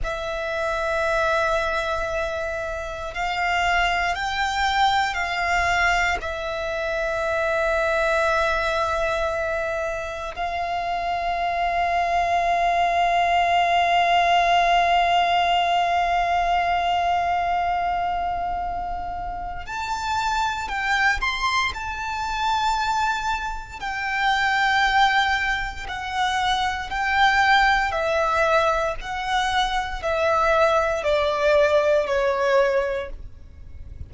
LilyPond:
\new Staff \with { instrumentName = "violin" } { \time 4/4 \tempo 4 = 58 e''2. f''4 | g''4 f''4 e''2~ | e''2 f''2~ | f''1~ |
f''2. a''4 | g''8 c'''8 a''2 g''4~ | g''4 fis''4 g''4 e''4 | fis''4 e''4 d''4 cis''4 | }